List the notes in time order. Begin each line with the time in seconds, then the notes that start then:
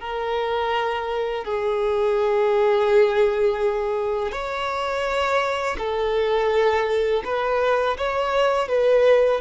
0.00 A#4
1.44 G#4
4.31 C#5
5.78 A4
7.24 B4
7.97 C#5
8.68 B4